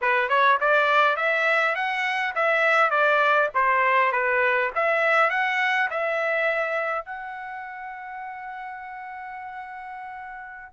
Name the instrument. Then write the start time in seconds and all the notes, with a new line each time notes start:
trumpet
0.01 B4
0.28 C#5
0.60 D5
1.16 E5
1.75 F#5
2.35 E5
2.90 D5
3.54 C5
4.12 B4
4.75 E5
5.30 F#5
5.90 E5
7.05 F#5